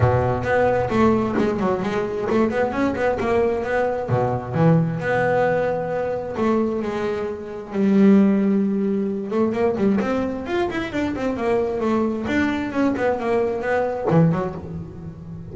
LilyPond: \new Staff \with { instrumentName = "double bass" } { \time 4/4 \tempo 4 = 132 b,4 b4 a4 gis8 fis8 | gis4 a8 b8 cis'8 b8 ais4 | b4 b,4 e4 b4~ | b2 a4 gis4~ |
gis4 g2.~ | g8 a8 ais8 g8 c'4 f'8 e'8 | d'8 c'8 ais4 a4 d'4 | cis'8 b8 ais4 b4 e8 fis8 | }